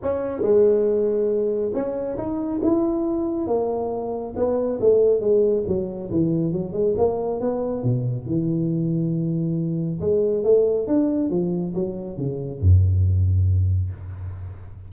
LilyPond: \new Staff \with { instrumentName = "tuba" } { \time 4/4 \tempo 4 = 138 cis'4 gis2. | cis'4 dis'4 e'2 | ais2 b4 a4 | gis4 fis4 e4 fis8 gis8 |
ais4 b4 b,4 e4~ | e2. gis4 | a4 d'4 f4 fis4 | cis4 fis,2. | }